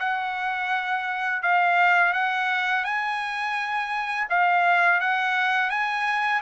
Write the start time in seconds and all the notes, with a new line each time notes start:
0.00 F#5
1.43 F5
2.14 F#5
2.85 G#5
4.30 F5
5.01 F#5
5.70 G#5